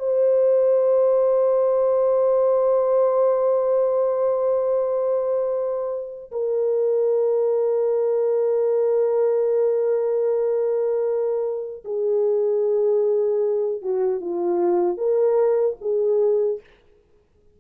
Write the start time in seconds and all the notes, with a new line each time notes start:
0.00 C5
6.32 A#4
11.85 G#4
13.82 F#4
14.21 F4
14.98 A#4
15.81 G#4